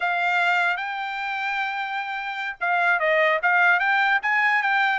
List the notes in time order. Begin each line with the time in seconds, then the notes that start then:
0.00 F5
0.77 G5
2.60 F5
2.99 D#5
3.42 F5
3.79 G5
4.22 G#5
4.62 G5